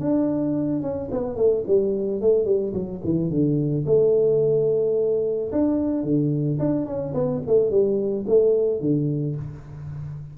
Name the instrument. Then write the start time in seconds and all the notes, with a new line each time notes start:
tuba
0.00 D4
0.82 C#4
1.11 B3
1.36 A3
1.67 G3
2.21 A3
2.45 G3
2.73 F#3
3.04 E3
3.30 D3
3.86 A3
5.52 D4
6.03 D3
6.59 D4
6.86 C#4
7.14 B3
7.47 A3
7.70 G3
8.27 A3
8.80 D3